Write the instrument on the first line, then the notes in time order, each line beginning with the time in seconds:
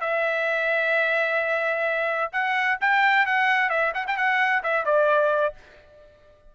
trumpet
0.00 E5
2.32 F#5
2.80 G5
3.26 F#5
3.69 E5
3.94 F#5
4.07 G5
4.16 F#5
4.63 E5
4.85 D5